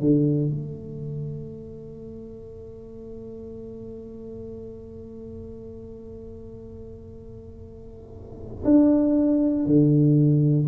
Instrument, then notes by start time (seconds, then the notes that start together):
tuba
0.00 D3
0.50 A3
8.65 D4
9.66 D3